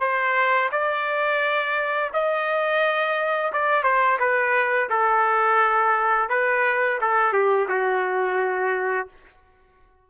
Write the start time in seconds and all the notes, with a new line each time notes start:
0.00 C5
0.71 D5
2.13 D#5
3.53 D5
3.83 C5
4.19 B4
4.90 A4
6.29 B4
7.01 A4
7.33 G4
7.68 F#4